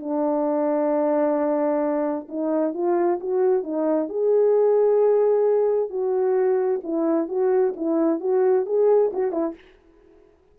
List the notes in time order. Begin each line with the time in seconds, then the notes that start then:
0.00 D4
2.29 D#4
2.74 F4
3.20 F#4
3.63 D#4
4.09 G#4
5.90 F#4
6.83 E4
7.29 F#4
7.76 E4
8.20 F#4
8.66 G#4
9.13 F#4
9.32 E4